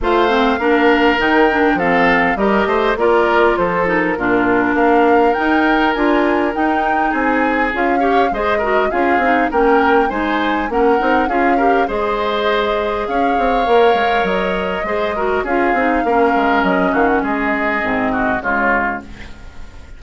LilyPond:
<<
  \new Staff \with { instrumentName = "flute" } { \time 4/4 \tempo 4 = 101 f''2 g''4 f''4 | dis''4 d''4 c''8 ais'4. | f''4 g''4 gis''4 g''4 | gis''4 f''4 dis''4 f''4 |
g''4 gis''4 fis''4 f''4 | dis''2 f''2 | dis''2 f''2 | dis''8 f''16 fis''16 dis''2 cis''4 | }
  \new Staff \with { instrumentName = "oboe" } { \time 4/4 c''4 ais'2 a'4 | ais'8 c''8 ais'4 a'4 f'4 | ais'1 | gis'4. cis''8 c''8 ais'8 gis'4 |
ais'4 c''4 ais'4 gis'8 ais'8 | c''2 cis''2~ | cis''4 c''8 ais'8 gis'4 ais'4~ | ais'8 fis'8 gis'4. fis'8 f'4 | }
  \new Staff \with { instrumentName = "clarinet" } { \time 4/4 f'8 c'8 d'4 dis'8 d'8 c'4 | g'4 f'4. dis'8 d'4~ | d'4 dis'4 f'4 dis'4~ | dis'4 f'8 g'8 gis'8 fis'8 f'8 dis'8 |
cis'4 dis'4 cis'8 dis'8 f'8 g'8 | gis'2. ais'4~ | ais'4 gis'8 fis'8 f'8 dis'8 cis'4~ | cis'2 c'4 gis4 | }
  \new Staff \with { instrumentName = "bassoon" } { \time 4/4 a4 ais4 dis4 f4 | g8 a8 ais4 f4 ais,4 | ais4 dis'4 d'4 dis'4 | c'4 cis'4 gis4 cis'8 c'8 |
ais4 gis4 ais8 c'8 cis'4 | gis2 cis'8 c'8 ais8 gis8 | fis4 gis4 cis'8 c'8 ais8 gis8 | fis8 dis8 gis4 gis,4 cis4 | }
>>